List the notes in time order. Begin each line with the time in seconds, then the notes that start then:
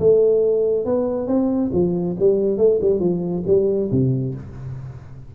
0.00 A3
0.86 B3
1.28 C4
1.73 F3
2.20 G3
2.58 A3
2.82 G3
3.00 F3
3.47 G3
3.92 C3